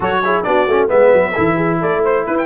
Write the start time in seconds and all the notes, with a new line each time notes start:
0.00 F#3 F#4 A4 C#5
0.24 E4 G#4
0.43 B3 D4 F#4 D5
0.67 A3 C#4
0.87 G#3 B3 B4 E5
1.12 F#3
1.33 E3 E4 A4
1.55 G#4
1.80 A3 A4 D5
2.02 C5
2.26 E4 B4
2.38 G5